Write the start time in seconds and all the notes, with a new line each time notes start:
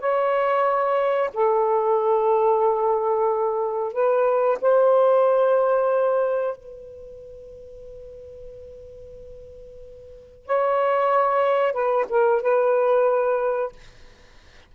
0.00 C#5
1.34 A4
3.93 B4
4.62 C5
6.57 B4
10.46 C#5
11.73 B4
12.09 A#4
12.42 B4